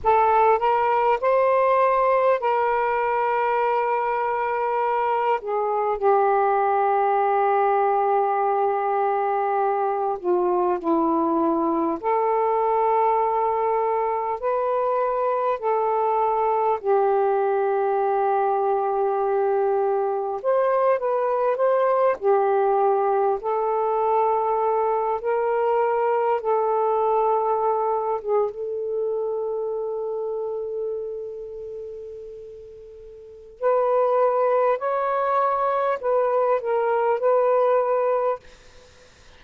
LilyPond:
\new Staff \with { instrumentName = "saxophone" } { \time 4/4 \tempo 4 = 50 a'8 ais'8 c''4 ais'2~ | ais'8 gis'8 g'2.~ | g'8 f'8 e'4 a'2 | b'4 a'4 g'2~ |
g'4 c''8 b'8 c''8 g'4 a'8~ | a'4 ais'4 a'4. gis'16 a'16~ | a'1 | b'4 cis''4 b'8 ais'8 b'4 | }